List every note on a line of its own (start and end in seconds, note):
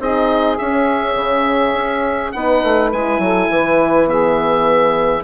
0.00 0.58 C4
0.00 0.59 D#4
0.00 2.35 G#4
0.00 0.58 D#5
0.58 1.15 C#4
0.58 2.35 C#4
0.58 2.32 E5
1.15 1.74 C#3
1.74 2.33 C#4
2.32 2.64 B3
2.32 2.93 D#4
2.32 3.22 B4
2.32 2.90 F#5
2.64 2.93 A3
2.93 3.19 G#3
2.93 4.07 E4
2.93 4.09 G#5
3.19 3.48 F#3
3.19 3.51 A4
3.51 5.24 E3
3.51 4.08 B4
4.07 5.24 B3
4.07 5.24 G#4
4.07 5.24 E5